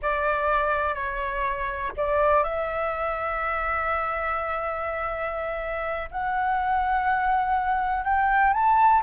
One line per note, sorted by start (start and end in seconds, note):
0.01 0.94 D5
0.94 1.92 C#5
1.96 2.43 D5
2.43 6.09 E5
6.11 8.04 F#5
8.04 8.53 G5
8.53 9.02 A5